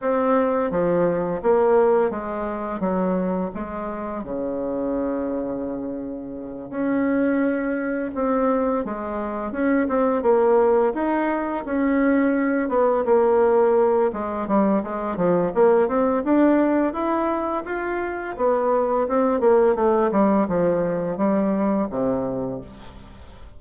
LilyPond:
\new Staff \with { instrumentName = "bassoon" } { \time 4/4 \tempo 4 = 85 c'4 f4 ais4 gis4 | fis4 gis4 cis2~ | cis4. cis'2 c'8~ | c'8 gis4 cis'8 c'8 ais4 dis'8~ |
dis'8 cis'4. b8 ais4. | gis8 g8 gis8 f8 ais8 c'8 d'4 | e'4 f'4 b4 c'8 ais8 | a8 g8 f4 g4 c4 | }